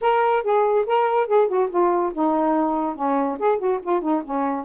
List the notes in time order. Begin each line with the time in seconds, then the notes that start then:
0.01 A#4
0.43 G#4
0.86 A#4
1.27 G#4
1.48 F#4
1.70 F4
2.13 D#4
2.95 C#4
3.39 G#4
3.58 F#4
3.82 F4
4.01 D#4
4.24 C#4